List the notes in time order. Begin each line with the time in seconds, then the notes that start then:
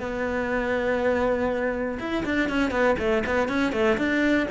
0.00 B3
1.99 E4
2.25 D4
2.49 C#4
2.71 B3
2.99 A3
3.26 B3
3.48 C#4
3.72 A3
3.97 D4